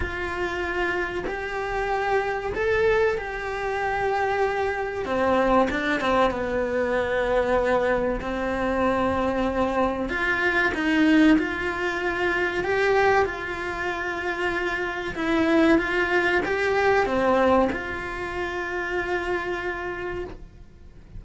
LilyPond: \new Staff \with { instrumentName = "cello" } { \time 4/4 \tempo 4 = 95 f'2 g'2 | a'4 g'2. | c'4 d'8 c'8 b2~ | b4 c'2. |
f'4 dis'4 f'2 | g'4 f'2. | e'4 f'4 g'4 c'4 | f'1 | }